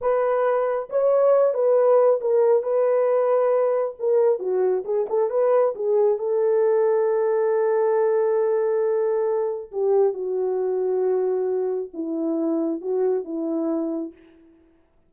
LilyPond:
\new Staff \with { instrumentName = "horn" } { \time 4/4 \tempo 4 = 136 b'2 cis''4. b'8~ | b'4 ais'4 b'2~ | b'4 ais'4 fis'4 gis'8 a'8 | b'4 gis'4 a'2~ |
a'1~ | a'2 g'4 fis'4~ | fis'2. e'4~ | e'4 fis'4 e'2 | }